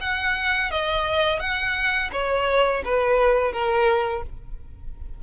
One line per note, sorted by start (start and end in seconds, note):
0.00 0.70 F#5
0.70 1.39 D#5
1.39 2.10 F#5
2.12 2.83 C#5
2.85 3.52 B4
3.52 4.23 A#4